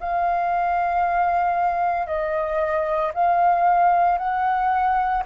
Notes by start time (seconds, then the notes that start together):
0.00 F5
2.07 D#5
3.14 F5
4.18 F#5